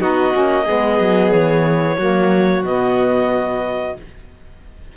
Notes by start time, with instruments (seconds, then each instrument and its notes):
0.00 cello B3, saxophone D#4, violin F#4, clarinet D#5
0.32 cello A#3, saxophone C#4
0.65 saxophone B3, violin G#4
0.71 cello G#3
1.00 cello F#3
1.32 cello E3, clarinet C#5
1.97 cello F#3, saxophone A#3, violin F#4
2.63 cello B2, saxophone B3, clarinet D#5